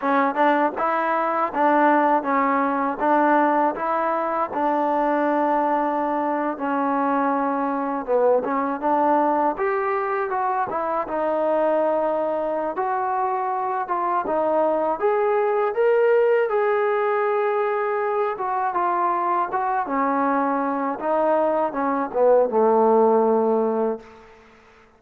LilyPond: \new Staff \with { instrumentName = "trombone" } { \time 4/4 \tempo 4 = 80 cis'8 d'8 e'4 d'4 cis'4 | d'4 e'4 d'2~ | d'8. cis'2 b8 cis'8 d'16~ | d'8. g'4 fis'8 e'8 dis'4~ dis'16~ |
dis'4 fis'4. f'8 dis'4 | gis'4 ais'4 gis'2~ | gis'8 fis'8 f'4 fis'8 cis'4. | dis'4 cis'8 b8 a2 | }